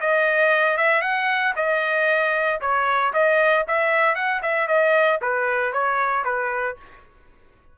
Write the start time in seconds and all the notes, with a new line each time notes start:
0.00 D#5
0.77 E5
1.01 F#5
1.56 D#5
2.60 C#5
3.13 D#5
3.67 E5
4.15 F#5
4.42 E5
4.67 D#5
5.21 B4
5.72 C#5
6.24 B4